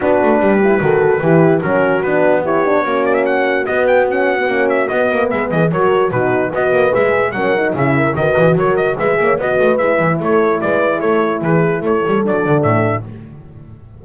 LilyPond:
<<
  \new Staff \with { instrumentName = "trumpet" } { \time 4/4 \tempo 4 = 147 b'1 | ais'4 b'4 cis''4. d''16 e''16 | fis''4 dis''8 g''8 fis''4. e''8 | dis''4 e''8 dis''8 cis''4 b'4 |
dis''4 e''4 fis''4 e''4 | dis''4 cis''8 dis''8 e''4 dis''4 | e''4 cis''4 d''4 cis''4 | b'4 cis''4 d''4 e''4 | }
  \new Staff \with { instrumentName = "horn" } { \time 4/4 fis'4 g'4 a'4 g'4 | fis'2 g'4 fis'4~ | fis'1~ | fis'4 b'8 gis'8 ais'4 fis'4 |
b'2 ais'4 gis'8 ais'8 | b'4 ais'4 b'8 cis''8 b'4~ | b'4 a'4 b'4 a'4 | gis'4 a'2. | }
  \new Staff \with { instrumentName = "horn" } { \time 4/4 d'4. e'8 fis'4 e'4 | cis'4 d'4 e'8 d'8 cis'4~ | cis'4 b4 cis'8. b16 cis'4 | b2 fis'4 dis'4 |
fis'4 gis'4 cis'8 dis'8 e'4 | fis'2 gis'4 fis'4 | e'1~ | e'2 d'2 | }
  \new Staff \with { instrumentName = "double bass" } { \time 4/4 b8 a8 g4 dis4 e4 | fis4 b2 ais4~ | ais4 b2 ais4 | b8 ais8 gis8 e8 fis4 b,4 |
b8 ais8 gis4 fis4 cis4 | dis8 e8 fis4 gis8 ais8 b8 a8 | gis8 e8 a4 gis4 a4 | e4 a8 g8 fis8 d8 a,4 | }
>>